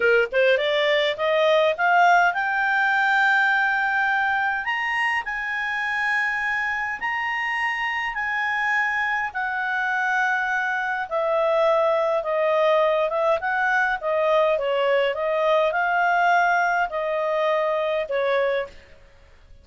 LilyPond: \new Staff \with { instrumentName = "clarinet" } { \time 4/4 \tempo 4 = 103 ais'8 c''8 d''4 dis''4 f''4 | g''1 | ais''4 gis''2. | ais''2 gis''2 |
fis''2. e''4~ | e''4 dis''4. e''8 fis''4 | dis''4 cis''4 dis''4 f''4~ | f''4 dis''2 cis''4 | }